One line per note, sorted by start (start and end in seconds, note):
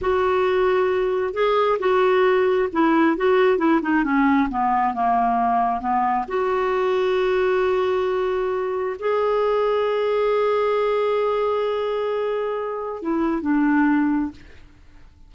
0.01 1.33 F#4
1.33 1.78 G#4
1.79 2.68 F#4
2.72 3.16 E4
3.16 3.58 F#4
3.58 3.80 E4
3.82 4.04 D#4
4.04 4.48 C#4
4.49 4.94 B3
4.94 5.80 A#3
5.80 6.25 B3
6.27 8.96 F#4
8.99 13.02 G#4
13.02 13.41 E4
13.41 14.31 D4